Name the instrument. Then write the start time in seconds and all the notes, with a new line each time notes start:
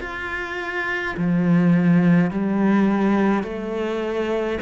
cello
0.00 F4
1.17 F3
2.31 G3
3.44 A3